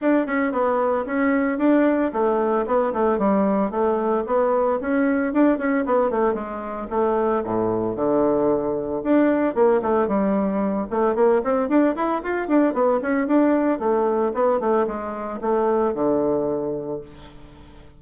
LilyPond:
\new Staff \with { instrumentName = "bassoon" } { \time 4/4 \tempo 4 = 113 d'8 cis'8 b4 cis'4 d'4 | a4 b8 a8 g4 a4 | b4 cis'4 d'8 cis'8 b8 a8 | gis4 a4 a,4 d4~ |
d4 d'4 ais8 a8 g4~ | g8 a8 ais8 c'8 d'8 e'8 f'8 d'8 | b8 cis'8 d'4 a4 b8 a8 | gis4 a4 d2 | }